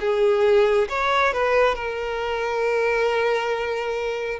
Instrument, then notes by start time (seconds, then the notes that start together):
violin
0.00 G#4
0.89 C#5
1.33 B4
1.75 A#4